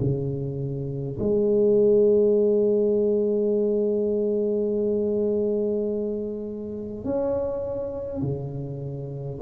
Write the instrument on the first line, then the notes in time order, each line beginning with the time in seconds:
tuba
0.00 C#3
1.19 G#3
7.05 C#4
8.22 C#3